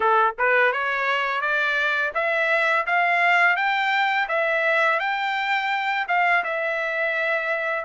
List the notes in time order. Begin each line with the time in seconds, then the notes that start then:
0.00 A4
0.38 B4
0.72 C#5
1.41 D5
2.14 E5
2.86 F5
3.56 G5
4.28 E5
4.99 G5
6.07 F5
6.44 E5